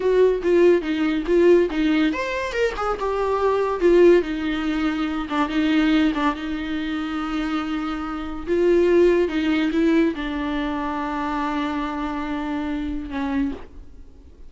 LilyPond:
\new Staff \with { instrumentName = "viola" } { \time 4/4 \tempo 4 = 142 fis'4 f'4 dis'4 f'4 | dis'4 c''4 ais'8 gis'8 g'4~ | g'4 f'4 dis'2~ | dis'8 d'8 dis'4. d'8 dis'4~ |
dis'1 | f'2 dis'4 e'4 | d'1~ | d'2. cis'4 | }